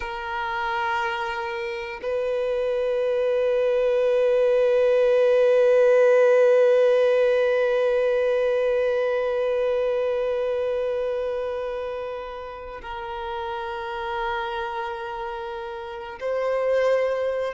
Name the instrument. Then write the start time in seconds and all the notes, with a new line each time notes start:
violin
0.00 A#4
2.02 B4
12.82 A#4
16.20 C5